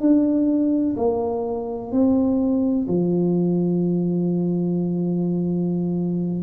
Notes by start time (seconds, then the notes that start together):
0.00 D4
0.97 A#3
1.92 C4
2.88 F3